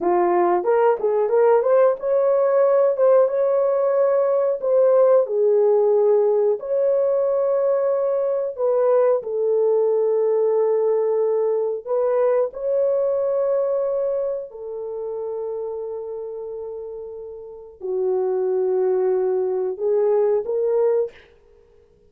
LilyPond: \new Staff \with { instrumentName = "horn" } { \time 4/4 \tempo 4 = 91 f'4 ais'8 gis'8 ais'8 c''8 cis''4~ | cis''8 c''8 cis''2 c''4 | gis'2 cis''2~ | cis''4 b'4 a'2~ |
a'2 b'4 cis''4~ | cis''2 a'2~ | a'2. fis'4~ | fis'2 gis'4 ais'4 | }